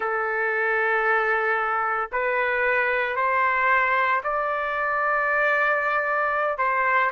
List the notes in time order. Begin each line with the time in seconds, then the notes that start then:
0.00 A4
2.11 B4
3.16 C5
4.23 D5
6.58 C5